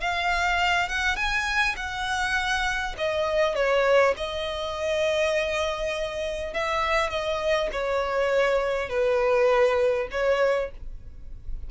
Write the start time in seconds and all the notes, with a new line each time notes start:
0.00 F5
0.88 F#5
1.16 G#5
1.76 F#5
2.97 D#5
3.55 C#5
4.16 D#5
6.53 E5
7.10 D#5
7.72 C#5
8.89 B4
10.11 C#5